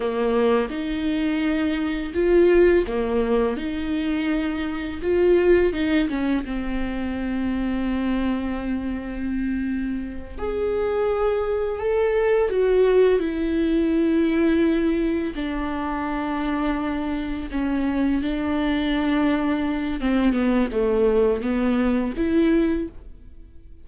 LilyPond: \new Staff \with { instrumentName = "viola" } { \time 4/4 \tempo 4 = 84 ais4 dis'2 f'4 | ais4 dis'2 f'4 | dis'8 cis'8 c'2.~ | c'2~ c'8 gis'4.~ |
gis'8 a'4 fis'4 e'4.~ | e'4. d'2~ d'8~ | d'8 cis'4 d'2~ d'8 | c'8 b8 a4 b4 e'4 | }